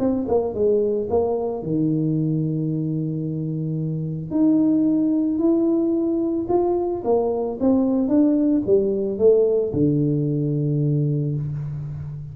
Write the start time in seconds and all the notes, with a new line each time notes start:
0.00 C4
0.29 A#3
0.55 G#3
1.10 A#3
1.63 D#3
4.31 D#4
5.39 E4
6.49 F4
7.05 A#3
7.61 C4
8.09 D4
8.67 G3
9.19 A3
9.74 D3